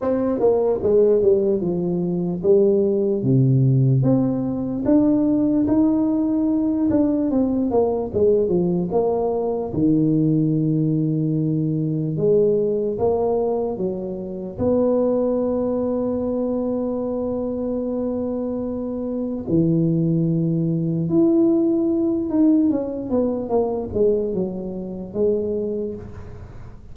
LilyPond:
\new Staff \with { instrumentName = "tuba" } { \time 4/4 \tempo 4 = 74 c'8 ais8 gis8 g8 f4 g4 | c4 c'4 d'4 dis'4~ | dis'8 d'8 c'8 ais8 gis8 f8 ais4 | dis2. gis4 |
ais4 fis4 b2~ | b1 | e2 e'4. dis'8 | cis'8 b8 ais8 gis8 fis4 gis4 | }